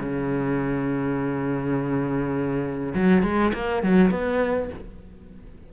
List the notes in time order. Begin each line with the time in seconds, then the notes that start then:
0.00 C#3
2.95 F#3
3.23 G#3
3.54 A#3
3.83 F#3
4.11 B3